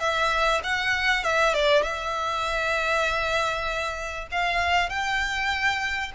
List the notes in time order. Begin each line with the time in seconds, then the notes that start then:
0.00 E5
0.64 F#5
1.24 E5
1.54 D5
1.83 E5
4.32 F5
4.90 G5